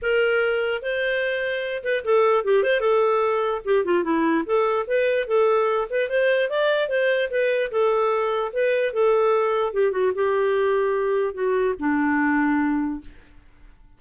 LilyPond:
\new Staff \with { instrumentName = "clarinet" } { \time 4/4 \tempo 4 = 148 ais'2 c''2~ | c''8 b'8 a'4 g'8 c''8 a'4~ | a'4 g'8 f'8 e'4 a'4 | b'4 a'4. b'8 c''4 |
d''4 c''4 b'4 a'4~ | a'4 b'4 a'2 | g'8 fis'8 g'2. | fis'4 d'2. | }